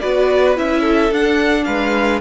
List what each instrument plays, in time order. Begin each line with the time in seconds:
0.00 cello B3, viola F#4, violin B4 D5
0.56 cello C#4, viola E4, violin E5
0.80 violin A4
1.11 cello D4, viola D4, violin F#5
1.64 cello G#3, violin B4 F5